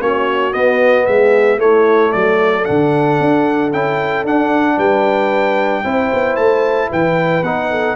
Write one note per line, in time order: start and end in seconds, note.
0.00 0.54 A#3
0.00 0.53 C#4
0.00 1.06 F#4
0.00 0.53 C#5
0.53 1.59 B3
0.53 1.07 B3
0.53 1.06 D#5
1.06 1.57 G#3
1.06 1.60 G#4
1.06 1.59 E5
1.57 2.10 A3
1.57 2.64 A3
1.57 2.13 E4
1.57 2.12 C#5
2.12 2.68 F#3
2.12 4.76 A4
2.12 2.65 D5
2.64 3.20 D3
2.64 3.70 D4
2.64 3.71 F#5
3.20 3.73 D4
3.72 4.24 C#4
3.72 4.26 E4
3.72 4.25 G5
4.24 4.77 D4
4.24 5.84 D4
4.24 4.79 F#5
4.76 5.84 G3
4.76 5.83 B4
4.76 6.36 G5
5.84 6.11 C4
5.84 7.43 E4
5.84 6.89 C5
6.13 6.37 B3
6.36 6.90 A3
6.36 6.89 A5
6.89 7.42 E3
6.89 7.69 B4
6.89 7.43 G5
7.42 7.95 B3
7.42 7.95 D#4
7.42 7.95 F#5
7.70 7.95 A4